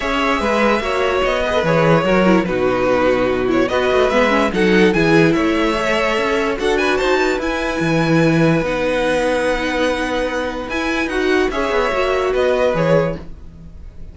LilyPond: <<
  \new Staff \with { instrumentName = "violin" } { \time 4/4 \tempo 4 = 146 e''2. dis''4 | cis''2 b'2~ | b'8 cis''8 dis''4 e''4 fis''4 | gis''4 e''2. |
fis''8 gis''8 a''4 gis''2~ | gis''4 fis''2.~ | fis''2 gis''4 fis''4 | e''2 dis''4 cis''4 | }
  \new Staff \with { instrumentName = "violin" } { \time 4/4 cis''4 b'4 cis''4. b'8~ | b'4 ais'4 fis'2~ | fis'4 b'2 a'4 | gis'4 cis''2. |
a'8 b'8 c''8 b'2~ b'8~ | b'1~ | b'1 | cis''2 b'2 | }
  \new Staff \with { instrumentName = "viola" } { \time 4/4 gis'2 fis'4. gis'16 a'16 | gis'4 fis'8 e'8 dis'2~ | dis'8 e'8 fis'4 b8 cis'8 dis'4 | e'2 a'2 |
fis'2 e'2~ | e'4 dis'2.~ | dis'2 e'4 fis'4 | gis'4 fis'2 gis'4 | }
  \new Staff \with { instrumentName = "cello" } { \time 4/4 cis'4 gis4 ais4 b4 | e4 fis4 b,2~ | b,4 b8 a8 gis4 fis4 | e4 a2 cis'4 |
d'4 dis'4 e'4 e4~ | e4 b2.~ | b2 e'4 dis'4 | cis'8 b8 ais4 b4 e4 | }
>>